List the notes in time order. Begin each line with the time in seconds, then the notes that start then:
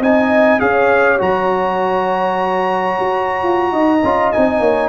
0.00 C4 D#4 D#5 G#5
0.59 C#4 G#4 C#5 F5
1.18 F#3 F#4 A#5
2.99 F#4
3.43 F4
3.72 D#4 D#5
4.03 C#4 F4
4.32 C4 D#4 G#5
4.60 A#3 C#5